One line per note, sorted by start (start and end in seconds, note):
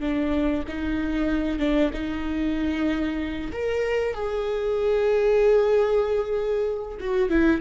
0.00 0.63 D4
0.68 1.59 D#4
1.59 1.91 D4
1.93 3.51 D#4
3.52 4.14 A#4
4.14 6.98 G#4
7.00 7.29 F#4
7.29 7.61 E4